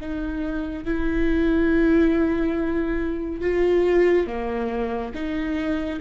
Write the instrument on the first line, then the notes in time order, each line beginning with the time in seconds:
viola
0.00 D#4
0.84 E4
3.41 F4
4.26 A#3
5.14 D#4